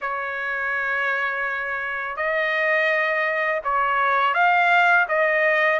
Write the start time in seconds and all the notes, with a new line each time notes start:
0.01 C#5
2.16 D#5
3.64 C#5
4.34 F5
5.08 D#5